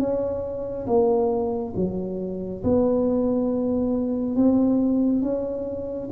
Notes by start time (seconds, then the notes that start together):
0.00 C#4
0.87 A#3
1.77 F#3
2.64 B3
4.36 C4
5.23 C#4